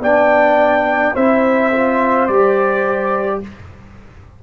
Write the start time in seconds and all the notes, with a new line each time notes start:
0.00 B3 D4 D5 G5
1.15 C4 E4 C5 E5
1.73 F4
2.28 G3 G4 D5